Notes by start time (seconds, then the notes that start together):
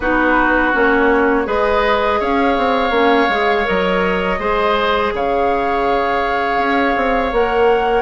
0.00 B3 D#4 F#4 B4
0.72 A#3 C#4 C#5
1.45 G#3 G#4 B4 D#5
2.20 C#4 C#5 F5
2.57 C4
2.90 A#3 C#4
3.29 G#3 G#4
3.64 F#3 A#4 D#5
4.38 G#3 G#4 C5
5.12 C#3 C#5 F5
6.57 C#4
6.96 C4
7.31 A#3 A#4 F#5